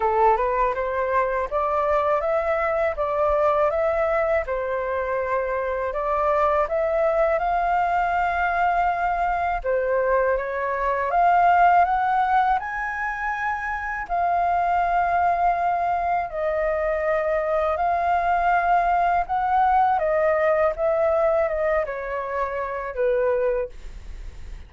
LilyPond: \new Staff \with { instrumentName = "flute" } { \time 4/4 \tempo 4 = 81 a'8 b'8 c''4 d''4 e''4 | d''4 e''4 c''2 | d''4 e''4 f''2~ | f''4 c''4 cis''4 f''4 |
fis''4 gis''2 f''4~ | f''2 dis''2 | f''2 fis''4 dis''4 | e''4 dis''8 cis''4. b'4 | }